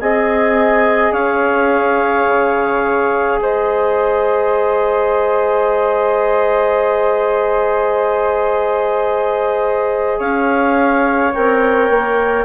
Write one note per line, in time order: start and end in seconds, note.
0.00 1.12 C4
0.00 11.33 G#4
0.00 1.12 D#5
0.00 1.12 G#5
1.12 2.25 C#4
1.12 3.39 C#5
1.12 3.38 F5
2.26 3.38 C#3
3.38 10.17 G#3
3.38 10.18 C5
3.38 10.20 D#5
10.18 11.33 C#4
10.18 12.45 C#5
10.18 11.33 F5
11.33 11.89 C4
11.33 12.45 A#4
11.33 12.45 G5
11.89 12.45 A#3